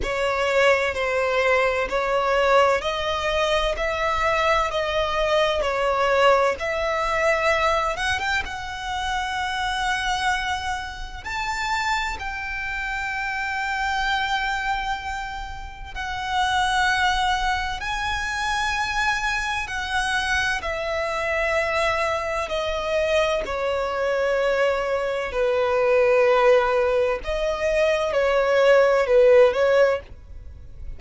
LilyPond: \new Staff \with { instrumentName = "violin" } { \time 4/4 \tempo 4 = 64 cis''4 c''4 cis''4 dis''4 | e''4 dis''4 cis''4 e''4~ | e''8 fis''16 g''16 fis''2. | a''4 g''2.~ |
g''4 fis''2 gis''4~ | gis''4 fis''4 e''2 | dis''4 cis''2 b'4~ | b'4 dis''4 cis''4 b'8 cis''8 | }